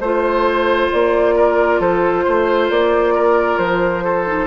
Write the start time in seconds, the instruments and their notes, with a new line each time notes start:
0.00 bassoon A3, clarinet F4, flute C5, oboe C5
0.92 bassoon A#3, flute D5
1.35 oboe A#4
1.80 bassoon F3, oboe A4, flute C5
2.24 bassoon A3, oboe C5
2.70 bassoon A#3, flute D5
3.15 oboe A#4
3.58 bassoon F3, flute C5
4.04 oboe A4
4.27 clarinet D#4